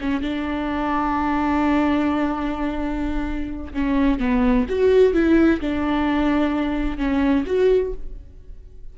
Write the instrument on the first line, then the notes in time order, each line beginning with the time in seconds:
viola
0.00 C#4
0.21 D4
3.73 C#4
4.19 B3
4.69 F#4
5.13 E4
5.60 D4
6.97 C#4
7.46 F#4